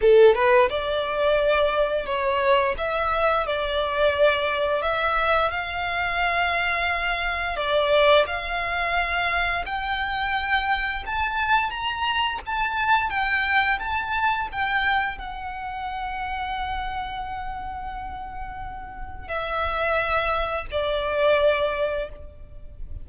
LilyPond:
\new Staff \with { instrumentName = "violin" } { \time 4/4 \tempo 4 = 87 a'8 b'8 d''2 cis''4 | e''4 d''2 e''4 | f''2. d''4 | f''2 g''2 |
a''4 ais''4 a''4 g''4 | a''4 g''4 fis''2~ | fis''1 | e''2 d''2 | }